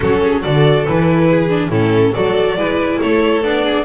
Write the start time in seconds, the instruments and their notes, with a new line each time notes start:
0.00 double bass F#3, viola C#4, violin F#4 A4
0.23 violin G#4
0.42 double bass D3, viola F#4, violin A4 D5
0.85 double bass E3, viola E4, violin B4
1.29 violin G#4
1.48 viola D4
1.69 double bass A2, viola C#4, violin E4 A4
2.14 double bass F#3, viola F#4, violin A4 D5
2.56 double bass G#3, viola E4, violin B4
3.00 double bass A3, violin A4 C#5
3.42 double bass B3, viola D4, violin D5
3.64 violin G#4